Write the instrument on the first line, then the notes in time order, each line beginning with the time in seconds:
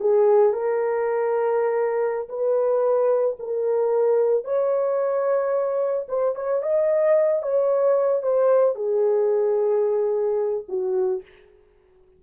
horn
0.00 G#4
0.53 A#4
2.29 B4
3.39 A#4
4.44 C#5
6.08 C5
6.35 C#5
6.62 D#5
7.43 C#5
8.22 C5
8.75 G#4
10.69 F#4